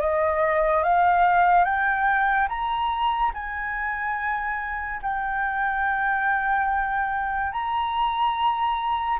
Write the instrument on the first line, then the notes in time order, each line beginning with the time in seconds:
flute
0.00 D#5
0.83 F5
1.65 G5
2.48 A#5
3.34 G#5
5.02 G5
7.52 A#5